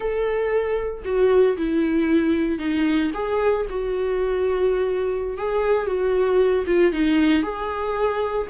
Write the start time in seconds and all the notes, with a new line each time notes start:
0.00 A4
1.04 F#4
1.57 E4
2.58 D#4
3.14 G#4
3.69 F#4
5.37 G#4
5.86 F#4
6.66 F4
6.92 D#4
7.42 G#4